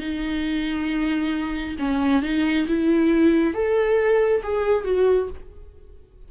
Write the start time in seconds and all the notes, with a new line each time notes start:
0.00 D#4
1.79 C#4
2.23 D#4
2.68 E4
3.54 A4
4.44 G#4
4.85 F#4